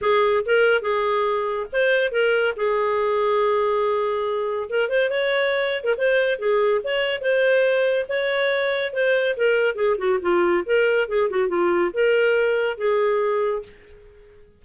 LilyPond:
\new Staff \with { instrumentName = "clarinet" } { \time 4/4 \tempo 4 = 141 gis'4 ais'4 gis'2 | c''4 ais'4 gis'2~ | gis'2. ais'8 c''8 | cis''4.~ cis''16 ais'16 c''4 gis'4 |
cis''4 c''2 cis''4~ | cis''4 c''4 ais'4 gis'8 fis'8 | f'4 ais'4 gis'8 fis'8 f'4 | ais'2 gis'2 | }